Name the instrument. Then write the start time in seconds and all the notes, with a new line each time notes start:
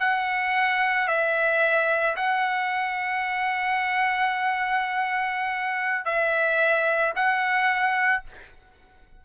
trumpet
0.00 F#5
1.08 E5
2.16 F#5
6.05 E5
7.15 F#5